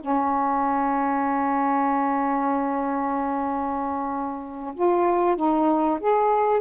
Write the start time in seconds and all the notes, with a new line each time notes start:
0.00 C#4
4.74 F4
5.36 D#4
6.00 G#4